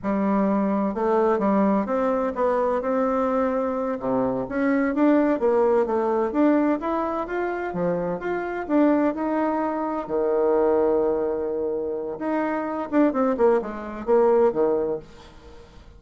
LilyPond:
\new Staff \with { instrumentName = "bassoon" } { \time 4/4 \tempo 4 = 128 g2 a4 g4 | c'4 b4 c'2~ | c'8 c4 cis'4 d'4 ais8~ | ais8 a4 d'4 e'4 f'8~ |
f'8 f4 f'4 d'4 dis'8~ | dis'4. dis2~ dis8~ | dis2 dis'4. d'8 | c'8 ais8 gis4 ais4 dis4 | }